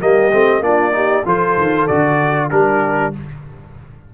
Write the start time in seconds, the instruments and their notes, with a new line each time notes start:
0.00 tuba G3, trombone A#3, horn G4, trumpet D#5
0.32 tuba A3, trombone C4
0.60 tuba A#3, trombone D4, horn F4, trumpet D5
0.91 trombone D#4, horn G4
1.24 tuba F3, trombone F4, horn A4, trumpet C5
1.57 tuba D#3
1.87 tuba D3, trombone F#4, trumpet D5
2.50 tuba G3, trombone D4, horn G4, trumpet A#4